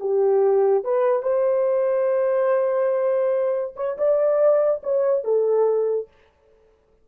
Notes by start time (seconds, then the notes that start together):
0.00 G4
0.84 B4
1.22 C5
3.76 C#5
3.98 D5
4.83 C#5
5.24 A4